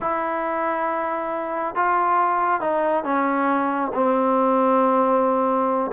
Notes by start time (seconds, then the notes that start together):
0.00 E4
1.75 F4
2.61 D#4
3.04 C#4
3.94 C4